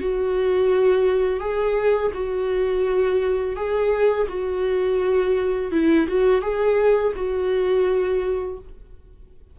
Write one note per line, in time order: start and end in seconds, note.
0.00 1.40 F#4
1.40 2.11 G#4
2.14 3.56 F#4
3.56 4.27 G#4
4.29 5.71 F#4
5.71 6.07 E4
6.07 6.41 F#4
6.41 7.13 G#4
7.15 8.58 F#4